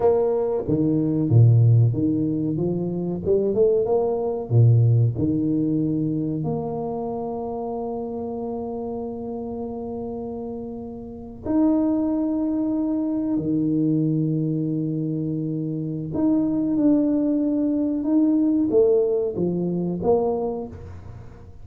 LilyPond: \new Staff \with { instrumentName = "tuba" } { \time 4/4 \tempo 4 = 93 ais4 dis4 ais,4 dis4 | f4 g8 a8 ais4 ais,4 | dis2 ais2~ | ais1~ |
ais4.~ ais16 dis'2~ dis'16~ | dis'8. dis2.~ dis16~ | dis4 dis'4 d'2 | dis'4 a4 f4 ais4 | }